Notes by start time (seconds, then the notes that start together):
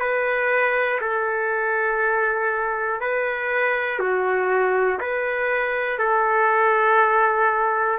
0.00 B4
1.01 A4
3.01 B4
4.00 F#4
5.00 B4
5.99 A4